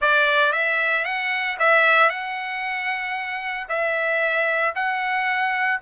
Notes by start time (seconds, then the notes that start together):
0.01 D5
0.52 E5
1.04 F#5
1.59 E5
2.09 F#5
3.68 E5
4.75 F#5